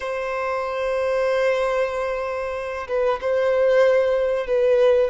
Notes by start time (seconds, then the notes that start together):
0.00 C5
2.88 B4
3.21 C5
4.47 B4